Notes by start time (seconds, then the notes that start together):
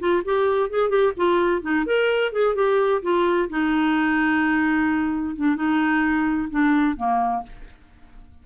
0.00 F4
0.25 G4
0.70 G#4
0.90 G4
1.17 F4
1.62 D#4
1.86 A#4
2.33 G#4
2.56 G4
3.03 F4
3.50 D#4
5.36 D4
5.56 D#4
6.51 D4
6.97 A#3